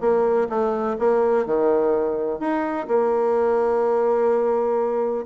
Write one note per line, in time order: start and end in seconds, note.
0.00 0.48 A#3
0.49 0.96 A3
0.98 1.46 A#3
1.46 2.39 D#3
2.39 2.87 D#4
2.87 5.25 A#3